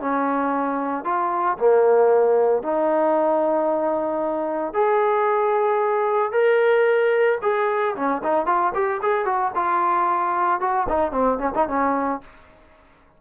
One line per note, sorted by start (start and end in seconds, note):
0.00 1.04 C#4
1.04 1.57 F4
1.58 2.62 A#3
2.62 4.73 D#4
4.73 6.32 G#4
6.32 7.38 A#4
7.42 7.95 G#4
7.95 8.22 C#4
8.23 8.46 D#4
8.46 8.72 F4
8.74 9.00 G4
9.01 9.25 G#4
9.25 9.51 F#4
9.55 10.60 F4
10.60 10.87 F#4
10.88 11.11 D#4
11.11 11.38 C4
11.38 11.51 C#4
11.54 11.67 D#4
11.67 12.21 C#4